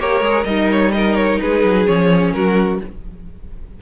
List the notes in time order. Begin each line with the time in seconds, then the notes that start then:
0.00 A#3 G4 A#4 C#5
0.21 G#3 G#4
0.45 G3 D#4 A#4 D#5
0.72 C#5
0.92 D#4 A#4 D#5
1.16 C#5
1.40 G#3 G#4 B4
1.64 F#3
1.87 F3 C#4 C#5
2.33 F#3 F#4 A#4